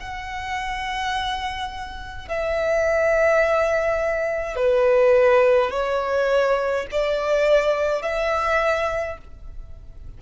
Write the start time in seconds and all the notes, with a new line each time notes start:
0.00 F#5
2.29 E5
4.56 B4
5.71 C#5
6.92 D5
8.02 E5